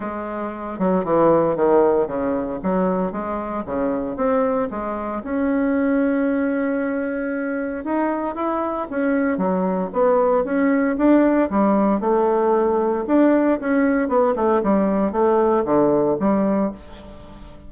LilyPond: \new Staff \with { instrumentName = "bassoon" } { \time 4/4 \tempo 4 = 115 gis4. fis8 e4 dis4 | cis4 fis4 gis4 cis4 | c'4 gis4 cis'2~ | cis'2. dis'4 |
e'4 cis'4 fis4 b4 | cis'4 d'4 g4 a4~ | a4 d'4 cis'4 b8 a8 | g4 a4 d4 g4 | }